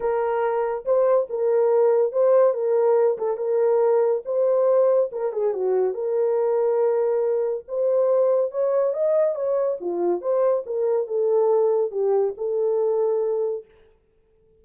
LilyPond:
\new Staff \with { instrumentName = "horn" } { \time 4/4 \tempo 4 = 141 ais'2 c''4 ais'4~ | ais'4 c''4 ais'4. a'8 | ais'2 c''2 | ais'8 gis'8 fis'4 ais'2~ |
ais'2 c''2 | cis''4 dis''4 cis''4 f'4 | c''4 ais'4 a'2 | g'4 a'2. | }